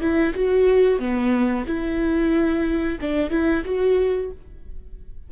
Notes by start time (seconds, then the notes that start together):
0.00 E4
0.34 F#4
0.99 B3
1.66 E4
3.00 D4
3.30 E4
3.65 F#4